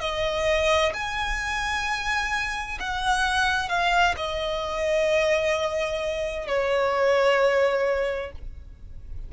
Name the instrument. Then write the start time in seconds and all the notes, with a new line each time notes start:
violin
0.00 D#5
0.94 G#5
2.79 F#5
3.68 F5
4.17 D#5
6.47 C#5